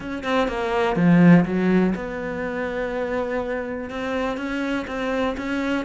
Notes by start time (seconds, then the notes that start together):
0.00 C#4
0.23 C4
0.48 A#3
0.96 F3
1.45 F#3
1.95 B3
3.89 C4
4.37 C#4
4.87 C4
5.37 C#4